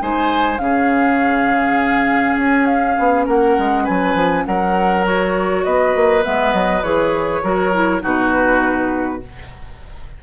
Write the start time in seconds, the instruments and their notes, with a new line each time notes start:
0.00 bassoon G#3, clarinet D#4, oboe C5, flute G#5
0.58 bassoon C#3, clarinet C#4, oboe G#4, flute F5
2.36 bassoon C#4, flute G#5
2.65 flute F5
2.98 bassoon B3
3.26 bassoon A#3, oboe A#4, flute F#5
3.58 bassoon G#3
3.84 bassoon F#3, oboe B4, flute G#5
4.14 bassoon F3
4.46 bassoon F#3, oboe A#4, flute F#5
5.04 clarinet F#4, flute C#5
5.64 bassoon B3, oboe B4, flute D#5
5.95 bassoon A#3
6.22 bassoon G#3, clarinet B3, flute E5
6.53 bassoon F#3, flute D#5
6.82 bassoon E3, clarinet G#4, flute C#5
7.43 bassoon F#3, clarinet F#4, oboe A#4
7.73 clarinet E4
8.01 bassoon B2, clarinet D#4, oboe F#4, flute B4